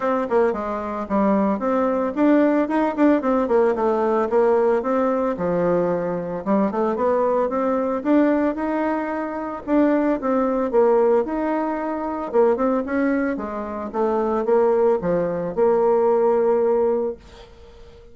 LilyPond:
\new Staff \with { instrumentName = "bassoon" } { \time 4/4 \tempo 4 = 112 c'8 ais8 gis4 g4 c'4 | d'4 dis'8 d'8 c'8 ais8 a4 | ais4 c'4 f2 | g8 a8 b4 c'4 d'4 |
dis'2 d'4 c'4 | ais4 dis'2 ais8 c'8 | cis'4 gis4 a4 ais4 | f4 ais2. | }